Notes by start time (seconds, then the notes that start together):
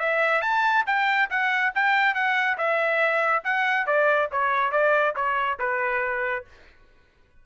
0.00 E5
0.42 A5
0.86 G5
1.30 F#5
1.75 G5
2.15 F#5
2.58 E5
3.44 F#5
3.86 D5
4.32 C#5
4.72 D5
5.16 C#5
5.59 B4